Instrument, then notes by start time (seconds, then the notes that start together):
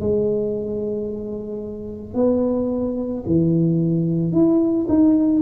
tuba
0.00 G#3
2.14 B3
3.26 E3
4.32 E4
4.88 D#4